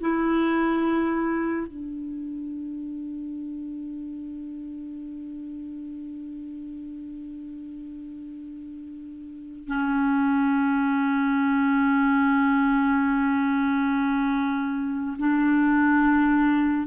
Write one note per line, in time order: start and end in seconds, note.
0.00 1.67 E4
1.67 9.67 D4
9.67 15.17 C#4
15.18 16.87 D4